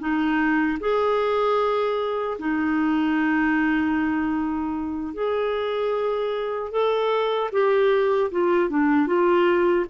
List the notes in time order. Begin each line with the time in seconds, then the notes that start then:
0.00 D#4
0.80 G#4
2.39 D#4
5.14 G#4
6.72 A4
7.52 G4
8.32 F4
8.70 D4
9.07 F4